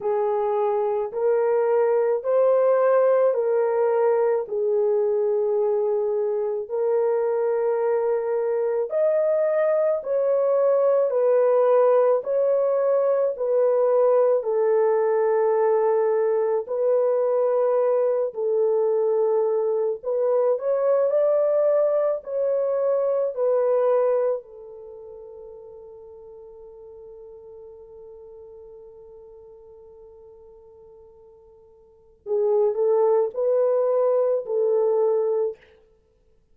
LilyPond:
\new Staff \with { instrumentName = "horn" } { \time 4/4 \tempo 4 = 54 gis'4 ais'4 c''4 ais'4 | gis'2 ais'2 | dis''4 cis''4 b'4 cis''4 | b'4 a'2 b'4~ |
b'8 a'4. b'8 cis''8 d''4 | cis''4 b'4 a'2~ | a'1~ | a'4 gis'8 a'8 b'4 a'4 | }